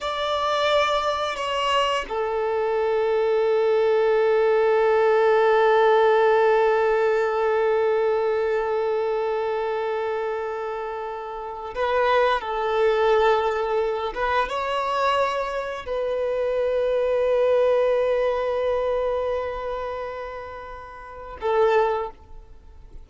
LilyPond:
\new Staff \with { instrumentName = "violin" } { \time 4/4 \tempo 4 = 87 d''2 cis''4 a'4~ | a'1~ | a'1~ | a'1~ |
a'4 b'4 a'2~ | a'8 b'8 cis''2 b'4~ | b'1~ | b'2. a'4 | }